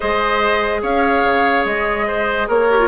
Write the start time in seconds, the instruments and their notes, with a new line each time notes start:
0.00 bassoon G#3, clarinet G#4, oboe C5, flute D#5
0.82 bassoon C#4, oboe C#5, flute F5
1.24 bassoon C#3
1.64 bassoon G#3, flute D#5
2.07 oboe C5
2.47 bassoon A#3, oboe A#4, flute C#5
2.69 clarinet G4
2.79 clarinet F4